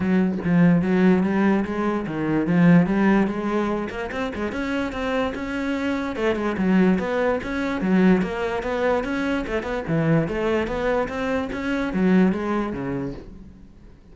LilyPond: \new Staff \with { instrumentName = "cello" } { \time 4/4 \tempo 4 = 146 fis4 f4 fis4 g4 | gis4 dis4 f4 g4 | gis4. ais8 c'8 gis8 cis'4 | c'4 cis'2 a8 gis8 |
fis4 b4 cis'4 fis4 | ais4 b4 cis'4 a8 b8 | e4 a4 b4 c'4 | cis'4 fis4 gis4 cis4 | }